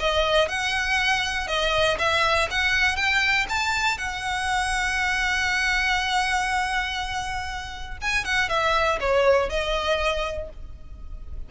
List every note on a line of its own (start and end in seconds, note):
0.00 0.48 D#5
0.48 1.48 F#5
1.48 1.98 D#5
1.99 2.49 E5
2.51 2.96 F#5
2.96 3.46 G5
3.49 3.98 A5
3.98 7.98 F#5
8.02 8.25 G#5
8.25 8.49 F#5
8.49 8.99 E5
9.00 9.50 C#5
9.50 10.50 D#5